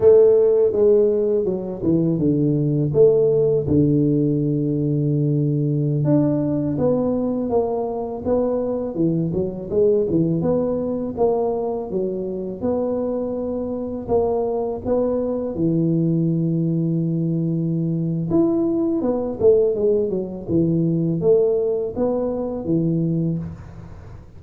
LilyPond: \new Staff \with { instrumentName = "tuba" } { \time 4/4 \tempo 4 = 82 a4 gis4 fis8 e8 d4 | a4 d2.~ | d16 d'4 b4 ais4 b8.~ | b16 e8 fis8 gis8 e8 b4 ais8.~ |
ais16 fis4 b2 ais8.~ | ais16 b4 e2~ e8.~ | e4 e'4 b8 a8 gis8 fis8 | e4 a4 b4 e4 | }